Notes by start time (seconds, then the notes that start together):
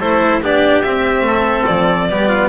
0.00 A3 E4 A4 C5
0.42 B3 D4 G4 D5
0.82 C4 E5
1.22 A3 A4
1.66 F3 D5
2.09 G3 B3 G4
2.29 F4